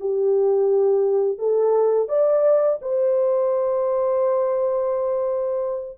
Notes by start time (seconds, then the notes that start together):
0.00 G4
1.38 A4
2.08 D5
2.82 C5